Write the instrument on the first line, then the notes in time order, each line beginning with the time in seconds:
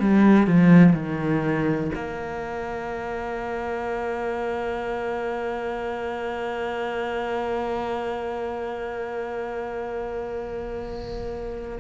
cello
0.00 G3
0.48 F3
0.93 D#3
1.96 A#3